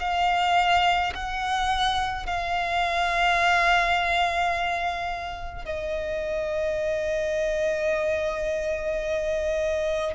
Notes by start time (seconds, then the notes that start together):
0.00 F5
1.15 F#5
2.26 F5
5.65 D#5